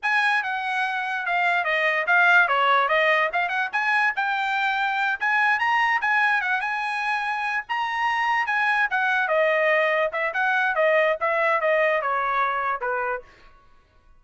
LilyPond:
\new Staff \with { instrumentName = "trumpet" } { \time 4/4 \tempo 4 = 145 gis''4 fis''2 f''4 | dis''4 f''4 cis''4 dis''4 | f''8 fis''8 gis''4 g''2~ | g''8 gis''4 ais''4 gis''4 fis''8 |
gis''2~ gis''8 ais''4.~ | ais''8 gis''4 fis''4 dis''4.~ | dis''8 e''8 fis''4 dis''4 e''4 | dis''4 cis''2 b'4 | }